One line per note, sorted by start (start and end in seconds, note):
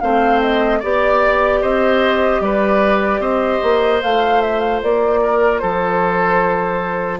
0.00 0.82 A3
0.00 0.82 C4
0.00 0.80 C5
0.00 0.40 F5
0.41 0.81 D#5
0.80 1.62 B3
0.80 4.00 G4
0.80 1.60 D5
0.80 1.62 D5
1.61 2.40 C4
1.61 2.41 C5
1.61 2.42 D#5
2.40 3.19 G3
2.40 3.21 B4
2.40 3.21 D5
3.19 3.59 C4
3.19 5.21 C5
3.19 4.01 D#5
3.63 4.03 A#3
4.00 4.83 A3
4.00 7.20 F4
4.00 4.41 F5
4.41 4.60 E5
4.60 4.80 F5
4.83 5.63 A#3
4.83 5.59 D5
5.22 5.61 A#4
5.59 7.20 F3
5.59 7.20 A4
5.59 7.19 C5